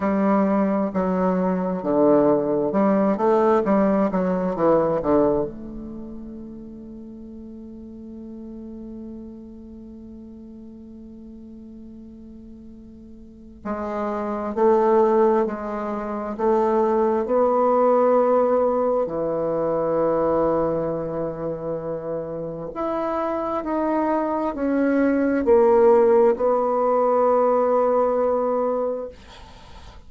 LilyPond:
\new Staff \with { instrumentName = "bassoon" } { \time 4/4 \tempo 4 = 66 g4 fis4 d4 g8 a8 | g8 fis8 e8 d8 a2~ | a1~ | a2. gis4 |
a4 gis4 a4 b4~ | b4 e2.~ | e4 e'4 dis'4 cis'4 | ais4 b2. | }